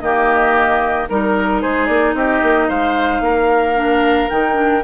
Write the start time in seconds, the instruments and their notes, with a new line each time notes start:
0.00 bassoon D#3, clarinet A#3, oboe G4, flute D#5
1.09 bassoon G3, clarinet D#4, oboe A#4, flute A#4
1.61 bassoon G#3, oboe G#4, flute C5
1.86 bassoon A#3, flute D5
2.14 bassoon C4, oboe G4, flute D#5
2.43 bassoon A#3
2.68 bassoon G#3, oboe C5, flute F5
3.20 bassoon A#3, oboe A#4
3.75 clarinet D4
4.29 bassoon D#3, clarinet D#4, flute G5
4.53 clarinet D4